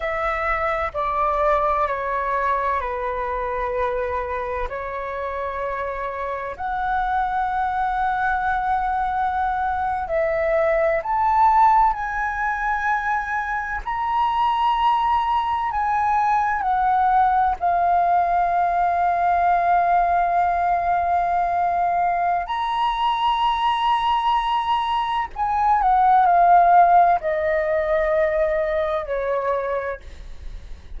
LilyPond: \new Staff \with { instrumentName = "flute" } { \time 4/4 \tempo 4 = 64 e''4 d''4 cis''4 b'4~ | b'4 cis''2 fis''4~ | fis''2~ fis''8. e''4 a''16~ | a''8. gis''2 ais''4~ ais''16~ |
ais''8. gis''4 fis''4 f''4~ f''16~ | f''1 | ais''2. gis''8 fis''8 | f''4 dis''2 cis''4 | }